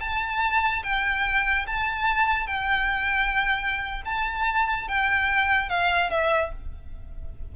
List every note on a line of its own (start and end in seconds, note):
0.00 0.83 A5
0.83 1.66 G5
1.67 2.47 A5
2.47 4.02 G5
4.05 4.88 A5
4.88 5.69 G5
5.69 6.11 F5
6.11 6.52 E5